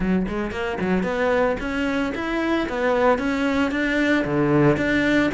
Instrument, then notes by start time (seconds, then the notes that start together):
cello
0.00 F#3
0.28 G#3
0.51 A#3
0.80 F#3
1.03 B3
1.60 C#4
2.15 E4
2.69 B3
3.18 C#4
3.71 D4
4.24 D3
4.76 D4